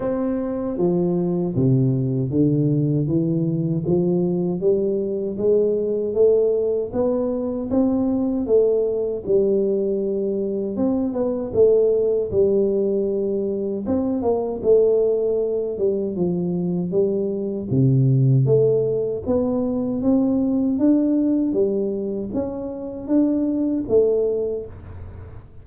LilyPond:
\new Staff \with { instrumentName = "tuba" } { \time 4/4 \tempo 4 = 78 c'4 f4 c4 d4 | e4 f4 g4 gis4 | a4 b4 c'4 a4 | g2 c'8 b8 a4 |
g2 c'8 ais8 a4~ | a8 g8 f4 g4 c4 | a4 b4 c'4 d'4 | g4 cis'4 d'4 a4 | }